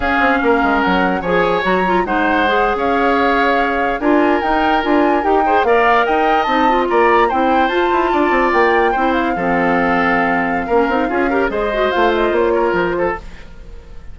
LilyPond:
<<
  \new Staff \with { instrumentName = "flute" } { \time 4/4 \tempo 4 = 146 f''2 fis''4 gis''4 | ais''4 fis''4.~ fis''16 f''4~ f''16~ | f''4.~ f''16 gis''4 g''4 gis''16~ | gis''8. g''4 f''4 g''4 a''16~ |
a''8. ais''4 g''4 a''4~ a''16~ | a''8. g''4. f''4.~ f''16~ | f''1 | dis''4 f''8 dis''8 cis''4 c''4 | }
  \new Staff \with { instrumentName = "oboe" } { \time 4/4 gis'4 ais'2 cis''4~ | cis''4 c''4.~ c''16 cis''4~ cis''16~ | cis''4.~ cis''16 ais'2~ ais'16~ | ais'4~ ais'16 c''8 d''4 dis''4~ dis''16~ |
dis''8. d''4 c''2 d''16~ | d''4.~ d''16 c''4 a'4~ a'16~ | a'2 ais'4 gis'8 ais'8 | c''2~ c''8 ais'4 a'8 | }
  \new Staff \with { instrumentName = "clarinet" } { \time 4/4 cis'2. gis'4 | fis'8 f'8 dis'4 gis'2~ | gis'4.~ gis'16 f'4 dis'4 f'16~ | f'8. g'8 gis'8 ais'2 dis'16~ |
dis'16 f'4. e'4 f'4~ f'16~ | f'4.~ f'16 e'4 c'4~ c'16~ | c'2 cis'8 dis'8 f'8 g'8 | gis'8 fis'8 f'2. | }
  \new Staff \with { instrumentName = "bassoon" } { \time 4/4 cis'8 c'8 ais8 gis8 fis4 f4 | fis4 gis4.~ gis16 cis'4~ cis'16~ | cis'4.~ cis'16 d'4 dis'4 d'16~ | d'8. dis'4 ais4 dis'4 c'16~ |
c'8. ais4 c'4 f'8 e'8 d'16~ | d'16 c'8 ais4 c'4 f4~ f16~ | f2 ais8 c'8 cis'4 | gis4 a4 ais4 f4 | }
>>